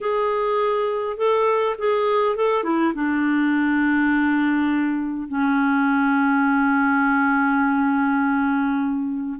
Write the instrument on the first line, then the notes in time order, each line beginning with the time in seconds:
clarinet
0.00 G#4
1.17 A4
1.78 G#4
2.35 A4
2.63 E4
2.94 D4
5.28 C#4